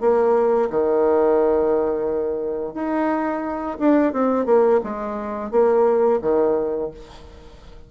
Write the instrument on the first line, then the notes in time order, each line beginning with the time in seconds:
bassoon
0.00 A#3
0.70 D#3
2.74 D#4
3.79 D4
4.13 C4
4.45 A#3
4.83 G#3
5.51 A#3
6.22 D#3